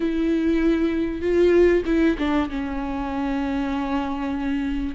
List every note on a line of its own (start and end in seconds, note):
0.00 1.21 E4
1.21 1.83 F4
1.85 2.16 E4
2.18 2.49 D4
2.49 4.95 C#4